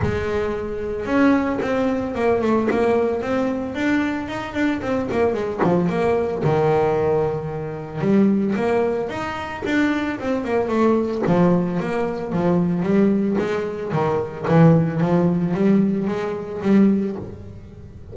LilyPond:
\new Staff \with { instrumentName = "double bass" } { \time 4/4 \tempo 4 = 112 gis2 cis'4 c'4 | ais8 a8 ais4 c'4 d'4 | dis'8 d'8 c'8 ais8 gis8 f8 ais4 | dis2. g4 |
ais4 dis'4 d'4 c'8 ais8 | a4 f4 ais4 f4 | g4 gis4 dis4 e4 | f4 g4 gis4 g4 | }